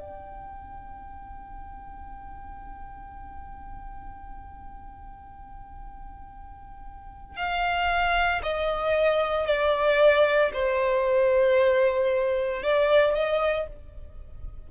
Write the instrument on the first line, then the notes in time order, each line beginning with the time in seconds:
violin
0.00 G5
7.36 F5
8.43 D#5
9.46 D5
10.54 C5
12.63 D5
13.15 D#5